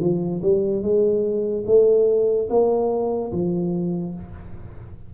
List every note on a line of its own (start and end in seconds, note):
0.00 0.41 F3
0.42 0.82 G3
0.82 1.64 G#3
1.66 2.48 A3
2.49 3.31 A#3
3.32 4.14 F3